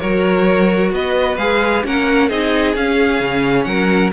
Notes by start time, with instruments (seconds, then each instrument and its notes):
0.00 cello F#3, viola F#4, violin A#4 C#5
0.92 cello B3, violin B4 D#5
1.38 cello G#3, viola G#4, violin F5
1.84 cello A#3, viola C#4, violin A#4 F#5
2.29 cello C4, viola D#4, violin G#4 D#5
2.76 cello C#4, viola C#4, violin F5
3.21 cello C#3
3.65 cello F#3, violin A#4 F#5